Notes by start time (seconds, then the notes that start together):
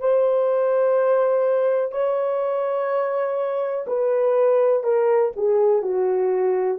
0.00 C5
1.92 C#5
3.88 B4
4.84 A#4
5.37 G#4
5.82 F#4